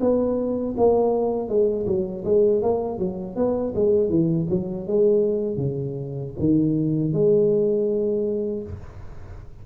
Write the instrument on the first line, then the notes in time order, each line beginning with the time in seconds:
tuba
0.00 B3
0.77 A#3
1.48 G#3
1.86 F#3
2.24 G#3
2.62 A#3
2.98 F#3
3.36 B3
3.75 G#3
4.09 E3
4.49 F#3
4.87 G#3
5.56 C#3
6.39 D#3
7.12 G#3